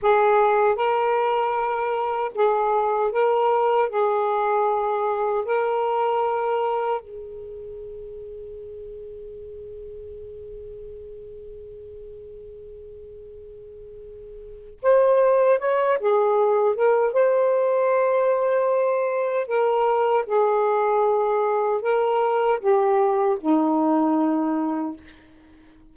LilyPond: \new Staff \with { instrumentName = "saxophone" } { \time 4/4 \tempo 4 = 77 gis'4 ais'2 gis'4 | ais'4 gis'2 ais'4~ | ais'4 gis'2.~ | gis'1~ |
gis'2. c''4 | cis''8 gis'4 ais'8 c''2~ | c''4 ais'4 gis'2 | ais'4 g'4 dis'2 | }